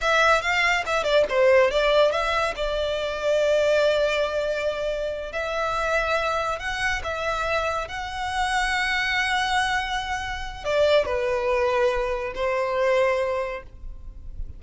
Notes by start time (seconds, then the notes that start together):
0.01 E5
0.41 F5
0.85 E5
1.03 D5
1.29 C5
1.70 D5
2.11 E5
2.55 D5
5.32 E5
6.59 F#5
7.03 E5
7.88 F#5
10.64 D5
11.05 B4
12.35 C5